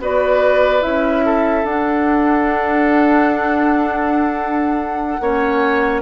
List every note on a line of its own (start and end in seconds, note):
0.00 0.83 B3
0.00 0.81 F#4
0.00 1.26 B4
0.00 0.82 D5
0.81 1.64 C#4
0.81 1.64 E4
0.81 1.65 E5
1.26 5.21 A4
1.64 5.18 D4
1.64 5.20 D4
1.64 6.02 F#5
5.20 6.02 A#3
5.20 6.02 C#4
5.20 6.02 C#5